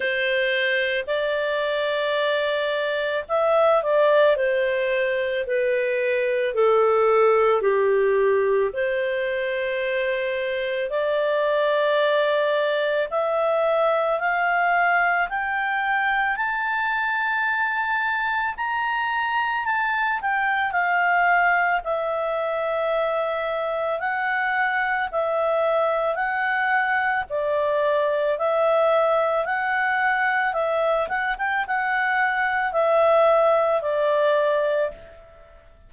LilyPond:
\new Staff \with { instrumentName = "clarinet" } { \time 4/4 \tempo 4 = 55 c''4 d''2 e''8 d''8 | c''4 b'4 a'4 g'4 | c''2 d''2 | e''4 f''4 g''4 a''4~ |
a''4 ais''4 a''8 g''8 f''4 | e''2 fis''4 e''4 | fis''4 d''4 e''4 fis''4 | e''8 fis''16 g''16 fis''4 e''4 d''4 | }